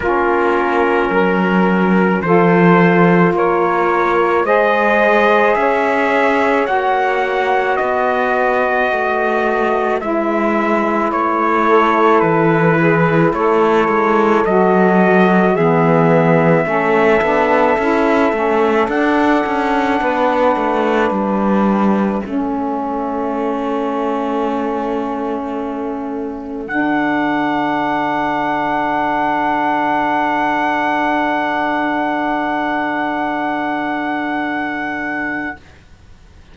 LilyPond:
<<
  \new Staff \with { instrumentName = "trumpet" } { \time 4/4 \tempo 4 = 54 ais'2 c''4 cis''4 | dis''4 e''4 fis''4 dis''4~ | dis''4 e''4 cis''4 b'4 | cis''4 dis''4 e''2~ |
e''4 fis''2 e''4~ | e''1 | fis''1~ | fis''1 | }
  \new Staff \with { instrumentName = "saxophone" } { \time 4/4 f'4 ais'4 a'4 ais'4 | c''4 cis''2 b'4~ | b'2~ b'8 a'4 gis'8 | a'2 gis'4 a'4~ |
a'2 b'2 | a'1~ | a'1~ | a'1 | }
  \new Staff \with { instrumentName = "saxophone" } { \time 4/4 cis'2 f'2 | gis'2 fis'2~ | fis'4 e'2.~ | e'4 fis'4 b4 cis'8 d'8 |
e'8 cis'8 d'2. | cis'1 | d'1~ | d'1 | }
  \new Staff \with { instrumentName = "cello" } { \time 4/4 ais4 fis4 f4 ais4 | gis4 cis'4 ais4 b4 | a4 gis4 a4 e4 | a8 gis8 fis4 e4 a8 b8 |
cis'8 a8 d'8 cis'8 b8 a8 g4 | a1 | d1~ | d1 | }
>>